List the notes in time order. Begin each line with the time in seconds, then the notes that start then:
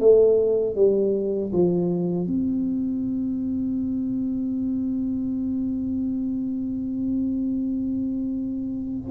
0.00 A3
0.76 G3
1.53 F3
2.27 C4